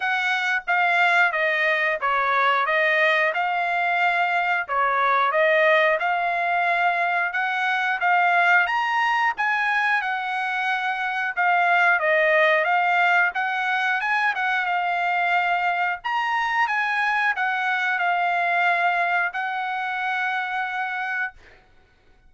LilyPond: \new Staff \with { instrumentName = "trumpet" } { \time 4/4 \tempo 4 = 90 fis''4 f''4 dis''4 cis''4 | dis''4 f''2 cis''4 | dis''4 f''2 fis''4 | f''4 ais''4 gis''4 fis''4~ |
fis''4 f''4 dis''4 f''4 | fis''4 gis''8 fis''8 f''2 | ais''4 gis''4 fis''4 f''4~ | f''4 fis''2. | }